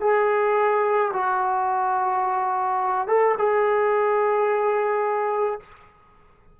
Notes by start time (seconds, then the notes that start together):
0.00 G#4
1.13 F#4
3.07 A4
3.37 G#4